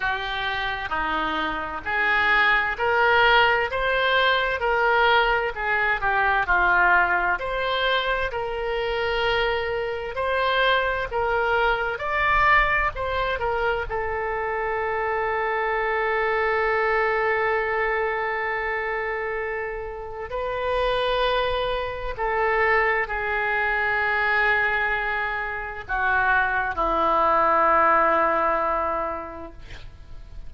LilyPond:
\new Staff \with { instrumentName = "oboe" } { \time 4/4 \tempo 4 = 65 g'4 dis'4 gis'4 ais'4 | c''4 ais'4 gis'8 g'8 f'4 | c''4 ais'2 c''4 | ais'4 d''4 c''8 ais'8 a'4~ |
a'1~ | a'2 b'2 | a'4 gis'2. | fis'4 e'2. | }